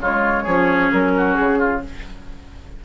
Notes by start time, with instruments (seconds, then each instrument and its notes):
0.00 bassoon C#3, clarinet G#3, oboe F4, flute C#5
0.43 bassoon F3, clarinet C#4, oboe G#4
0.92 bassoon F#3, flute A#4
1.17 oboe F#4
1.35 bassoon C#3, flute G#4
1.59 oboe F4